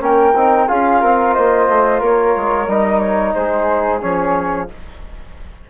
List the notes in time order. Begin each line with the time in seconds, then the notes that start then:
0.00 A#3 C#4 A#4 G5
0.35 C4 D#4
0.68 C#4 F4 G#4 F5
1.02 C4 A#4
1.34 A#3 C5 D#5
1.68 A3
2.00 A#3 A#4 C#5
2.37 G#3
2.68 G3 D#4 D#5
3.00 C#5
3.35 G#3 G#4 C5
4.01 F3 C#4 C#5